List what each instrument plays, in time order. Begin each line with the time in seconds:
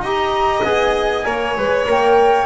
0.00 double bass D#4, trombone G4, violin D#5, flute A#5
0.63 double bass B3, trombone G#4, flute G#5
1.24 double bass A#3, trombone A#4, violin C#5
1.57 double bass G#3, trombone B4
1.87 double bass A#3, trombone A#4, flute G5